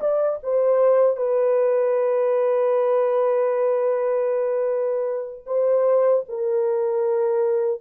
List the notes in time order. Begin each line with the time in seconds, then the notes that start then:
0.00 D5
0.43 C5
1.17 B4
5.47 C5
6.29 A#4